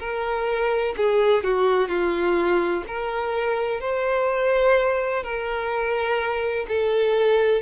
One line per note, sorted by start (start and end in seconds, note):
0.00 0.95 A#4
0.97 1.44 G#4
1.44 1.89 F#4
1.89 2.84 F4
2.87 3.81 A#4
3.81 5.23 C5
5.23 6.66 A#4
6.69 7.62 A4